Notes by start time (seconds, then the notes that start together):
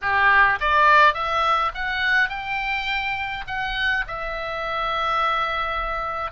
0.01 G4
0.60 D5
1.14 E5
1.74 F#5
2.29 G5
3.47 F#5
4.07 E5